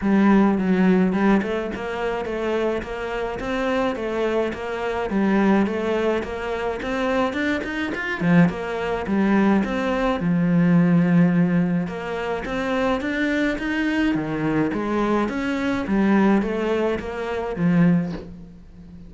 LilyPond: \new Staff \with { instrumentName = "cello" } { \time 4/4 \tempo 4 = 106 g4 fis4 g8 a8 ais4 | a4 ais4 c'4 a4 | ais4 g4 a4 ais4 | c'4 d'8 dis'8 f'8 f8 ais4 |
g4 c'4 f2~ | f4 ais4 c'4 d'4 | dis'4 dis4 gis4 cis'4 | g4 a4 ais4 f4 | }